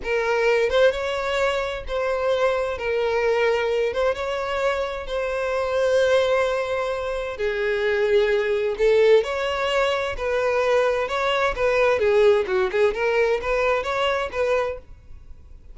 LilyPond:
\new Staff \with { instrumentName = "violin" } { \time 4/4 \tempo 4 = 130 ais'4. c''8 cis''2 | c''2 ais'2~ | ais'8 c''8 cis''2 c''4~ | c''1 |
gis'2. a'4 | cis''2 b'2 | cis''4 b'4 gis'4 fis'8 gis'8 | ais'4 b'4 cis''4 b'4 | }